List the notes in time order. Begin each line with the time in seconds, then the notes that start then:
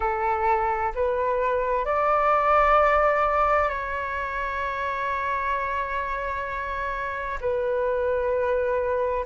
0.00 A4
0.94 B4
1.85 D5
3.69 C#5
7.41 B4